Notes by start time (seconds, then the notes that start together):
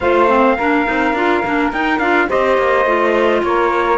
0.00 A3 F4 C5 F5
0.28 C4
0.56 A#3 D4 A#4
0.85 C4 D#4
1.13 D4 F4
1.44 A#3 D4
1.72 D#4 G5
1.99 D4 F4 F5
2.28 C4 G4 C5 D#5
2.57 A#3
2.85 A3 F4
3.42 A#3 A#4 C#5